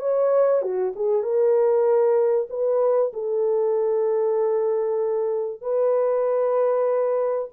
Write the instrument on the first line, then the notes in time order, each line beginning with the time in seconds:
horn
0.00 C#5
0.62 F#4
0.96 G#4
1.23 A#4
2.50 B4
3.14 A4
5.62 B4